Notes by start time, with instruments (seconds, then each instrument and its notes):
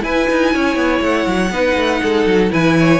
0.00 viola E4, cello E4, violin B4 G#5
0.29 cello D#4
0.53 cello C#4, violin C#5
0.75 cello B3
1.01 cello A3, violin F#5
1.26 cello F#3
1.50 cello B3, viola D#4, violin B4
1.76 cello A3
2.02 cello G#3, violin A4
2.26 cello F#3
2.50 cello E3, viola E4, violin B4 G#5
2.79 violin C#5